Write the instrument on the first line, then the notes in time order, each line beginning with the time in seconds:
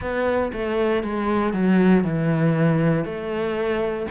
cello
0.00 B3
0.53 A3
1.03 G#3
1.53 F#3
2.03 E3
3.04 A3